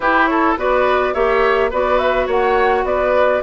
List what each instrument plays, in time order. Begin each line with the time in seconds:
0.00 bassoon E4, clarinet E4, oboe G4, flute B4
0.26 oboe A4, flute C#5
0.56 bassoon B3, clarinet F#4, oboe B4, flute D5
1.13 bassoon A#3, clarinet G4, oboe C#5, flute E5
1.70 bassoon B3, clarinet F#4, oboe B4, flute D5
1.98 flute E5
2.26 bassoon A#3, oboe C#5, flute F#5
2.83 bassoon B3, oboe B4, flute D5